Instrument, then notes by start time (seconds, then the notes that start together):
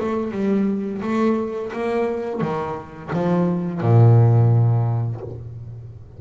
double bass
0.00 A3
0.32 G3
1.02 A3
1.73 A#3
2.41 D#3
3.13 F3
3.81 A#2